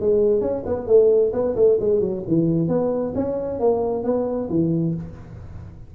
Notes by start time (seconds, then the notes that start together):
0.00 G#3
0.41 C#4
0.66 B3
0.87 A3
1.33 B3
1.56 A3
1.80 G#3
2.01 F#3
2.28 E3
2.68 B3
3.15 C#4
3.60 A#3
4.04 B3
4.50 E3